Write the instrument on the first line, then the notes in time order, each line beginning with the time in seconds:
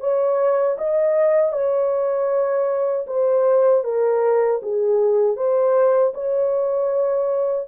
horn
0.00 C#5
0.78 D#5
1.52 C#5
3.07 C5
3.84 A#4
4.63 G#4
5.37 C5
6.14 C#5